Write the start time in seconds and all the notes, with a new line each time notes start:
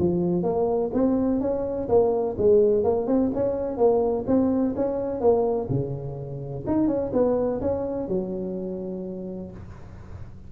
0.00 F3
0.44 A#3
0.94 C4
1.41 C#4
1.89 A#3
2.39 G#3
2.84 A#3
3.08 C4
3.35 C#4
3.78 A#3
4.27 C4
4.76 C#4
5.21 A#3
5.70 C#3
6.67 D#4
6.88 C#4
7.14 B3
7.61 C#4
8.09 F#3